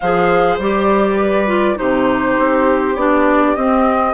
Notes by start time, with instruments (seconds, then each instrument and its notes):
0.00 bassoon F3, clarinet G#4, viola C5, flute F5
0.58 bassoon G3, clarinet G4, flute D5
1.16 viola B4
1.47 clarinet F4
1.76 bassoon C3, clarinet D#4, viola G4, flute C5
2.38 bassoon C4
2.95 bassoon B3, clarinet D4, flute D5
3.55 clarinet C4, bassoon C4, flute D#5